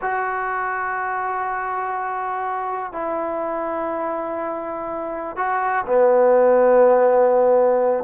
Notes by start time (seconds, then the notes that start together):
0.01 F#4
2.92 E4
5.36 F#4
5.85 B3